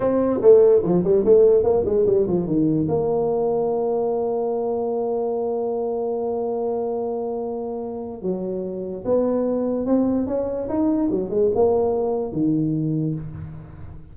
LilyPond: \new Staff \with { instrumentName = "tuba" } { \time 4/4 \tempo 4 = 146 c'4 a4 f8 g8 a4 | ais8 gis8 g8 f8 dis4 ais4~ | ais1~ | ais1~ |
ais1 | fis2 b2 | c'4 cis'4 dis'4 fis8 gis8 | ais2 dis2 | }